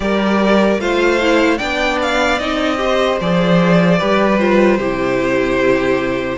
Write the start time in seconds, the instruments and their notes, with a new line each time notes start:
0.00 cello G3, viola G4, violin A#4 D5
0.79 cello A3, viola F4, violin C5 F5
1.21 viola E4
1.57 cello B3, viola D4, violin D5 G5
2.02 violin F5
2.39 cello C4, viola D#4, violin D#5
2.77 viola G4, violin C5
3.20 cello F3, viola G#4, violin D5
3.98 cello G3, viola G4, violin B4
4.38 viola F4, violin C5
4.77 cello C3, viola E4, violin G4